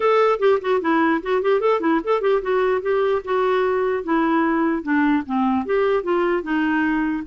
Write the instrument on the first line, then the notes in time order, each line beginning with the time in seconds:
clarinet
0.00 A4
0.39 G4
0.61 F#4
0.81 E4
1.22 F#4
1.42 G4
1.60 A4
1.80 E4
2.04 A4
2.21 G4
2.42 F#4
2.81 G4
3.24 F#4
4.03 E4
4.82 D4
5.26 C4
5.65 G4
6.03 F4
6.42 D#4